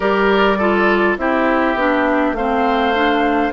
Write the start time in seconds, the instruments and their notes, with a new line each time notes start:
0.00 bassoon G3, clarinet G4, oboe A#4, flute D5
0.58 clarinet F4, oboe A4
1.17 bassoon C4, clarinet E4, oboe G4, flute E5
1.75 bassoon B3, clarinet D4
2.32 bassoon A3, clarinet C4, oboe C5, flute F5
2.94 clarinet D4